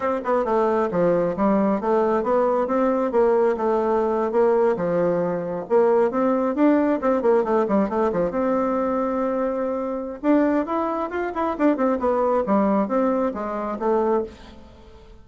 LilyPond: \new Staff \with { instrumentName = "bassoon" } { \time 4/4 \tempo 4 = 135 c'8 b8 a4 f4 g4 | a4 b4 c'4 ais4 | a4.~ a16 ais4 f4~ f16~ | f8. ais4 c'4 d'4 c'16~ |
c'16 ais8 a8 g8 a8 f8 c'4~ c'16~ | c'2. d'4 | e'4 f'8 e'8 d'8 c'8 b4 | g4 c'4 gis4 a4 | }